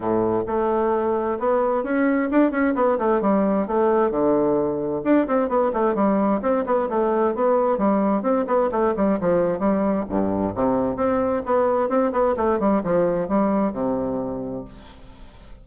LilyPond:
\new Staff \with { instrumentName = "bassoon" } { \time 4/4 \tempo 4 = 131 a,4 a2 b4 | cis'4 d'8 cis'8 b8 a8 g4 | a4 d2 d'8 c'8 | b8 a8 g4 c'8 b8 a4 |
b4 g4 c'8 b8 a8 g8 | f4 g4 g,4 c4 | c'4 b4 c'8 b8 a8 g8 | f4 g4 c2 | }